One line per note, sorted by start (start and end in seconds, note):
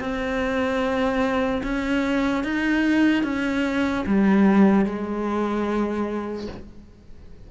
0.00 1.62 C4
1.63 2.44 C#4
2.44 3.24 D#4
3.24 4.05 C#4
4.07 4.86 G3
4.86 6.48 G#3